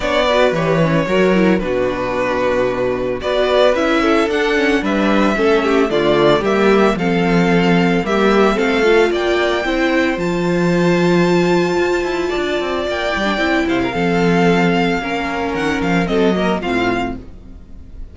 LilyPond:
<<
  \new Staff \with { instrumentName = "violin" } { \time 4/4 \tempo 4 = 112 d''4 cis''2 b'4~ | b'2 d''4 e''4 | fis''4 e''2 d''4 | e''4 f''2 e''4 |
f''4 g''2 a''4~ | a''1 | g''4. f''2~ f''8~ | f''4 fis''8 f''8 dis''4 f''4 | }
  \new Staff \with { instrumentName = "violin" } { \time 4/4 cis''8 b'4. ais'4 fis'4~ | fis'2 b'4. a'8~ | a'4 b'4 a'8 g'8 f'4 | g'4 a'2 g'4 |
a'4 d''4 c''2~ | c''2. d''4~ | d''4. c''16 ais'16 a'2 | ais'2 a'8 ais'8 f'4 | }
  \new Staff \with { instrumentName = "viola" } { \time 4/4 d'8 fis'8 g'8 cis'8 fis'8 e'8 d'4~ | d'2 fis'4 e'4 | d'8 cis'8 d'4 cis'4 a4 | ais4 c'2 ais4 |
c'8 f'4. e'4 f'4~ | f'1~ | f'8 e'16 d'16 e'4 c'2 | cis'2 c'8 ais8 c'4 | }
  \new Staff \with { instrumentName = "cello" } { \time 4/4 b4 e4 fis4 b,4~ | b,2 b4 cis'4 | d'4 g4 a4 d4 | g4 f2 g4 |
a4 ais4 c'4 f4~ | f2 f'8 e'8 d'8 c'8 | ais8 g8 c'8 c8 f2 | ais4 dis8 f8 fis4 a,4 | }
>>